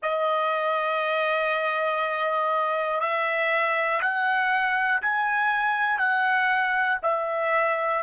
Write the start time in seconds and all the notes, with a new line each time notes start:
0.02 D#5
3.00 E5
4.01 F#5
5.01 G#5
5.98 F#5
7.02 E5